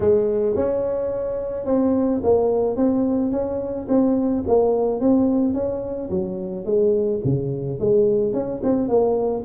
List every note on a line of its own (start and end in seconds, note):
0.00 0.55 G#3
0.55 1.65 C#4
1.65 2.21 C4
2.23 2.76 A#3
2.76 3.31 C4
3.31 3.87 C#4
3.88 4.43 C4
4.47 5.00 A#3
5.00 5.54 C4
5.54 6.09 C#4
6.10 6.65 F#3
6.65 7.20 G#3
7.24 7.79 C#3
7.79 8.33 G#3
8.33 8.61 C#4
8.63 8.88 C4
8.88 9.43 A#3